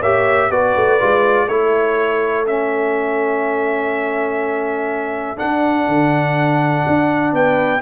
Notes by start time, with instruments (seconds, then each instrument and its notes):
0.00 tuba A#3, trombone G4, horn C#5, trumpet E5
0.50 tuba B3, trombone F#4, horn B4, trumpet D5
0.76 tuba A3
1.00 tuba G#3, trombone F4
1.47 tuba A3, trombone E4, horn A4, trumpet C#5
2.47 trombone C#4, trumpet E5
5.37 trombone D4, tuba D4, trumpet F#5
5.88 tuba D3
6.87 tuba D4
7.33 tuba B3, horn B4, trumpet G5